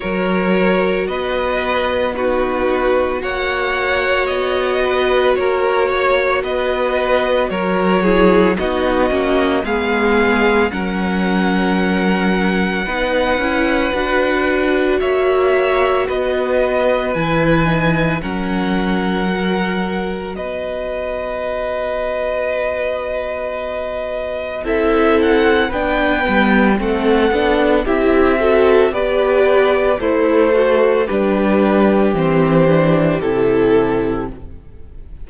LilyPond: <<
  \new Staff \with { instrumentName = "violin" } { \time 4/4 \tempo 4 = 56 cis''4 dis''4 b'4 fis''4 | dis''4 cis''4 dis''4 cis''4 | dis''4 f''4 fis''2~ | fis''2 e''4 dis''4 |
gis''4 fis''2 dis''4~ | dis''2. e''8 fis''8 | g''4 fis''4 e''4 d''4 | c''4 b'4 c''4 a'4 | }
  \new Staff \with { instrumentName = "violin" } { \time 4/4 ais'4 b'4 fis'4 cis''4~ | cis''8 b'8 ais'8 cis''8 b'4 ais'8 gis'8 | fis'4 gis'4 ais'2 | b'2 cis''4 b'4~ |
b'4 ais'2 b'4~ | b'2. a'4 | b'4 a'4 g'8 a'8 b'4 | e'8 fis'8 g'2. | }
  \new Staff \with { instrumentName = "viola" } { \time 4/4 fis'2 dis'4 fis'4~ | fis'2.~ fis'8 e'8 | dis'8 cis'8 b4 cis'2 | dis'8 e'8 fis'2. |
e'8 dis'8 cis'4 fis'2~ | fis'2. e'4 | d'8 b8 c'8 d'8 e'8 fis'8 g'4 | a'4 d'4 c'8 d'8 e'4 | }
  \new Staff \with { instrumentName = "cello" } { \time 4/4 fis4 b2 ais4 | b4 ais4 b4 fis4 | b8 ais8 gis4 fis2 | b8 cis'8 d'4 ais4 b4 |
e4 fis2 b4~ | b2. c'4 | b8 g8 a8 b8 c'4 b4 | a4 g4 e4 c4 | }
>>